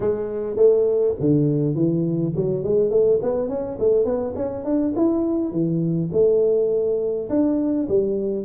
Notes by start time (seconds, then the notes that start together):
0.00 G#3
0.56 A3
1.19 D3
1.74 E3
2.35 F#3
2.63 G#3
2.90 A3
3.22 B3
3.48 C#4
3.79 A3
4.04 B3
4.35 C#4
4.64 D4
4.96 E4
5.51 E3
6.12 A3
7.29 D4
7.88 G3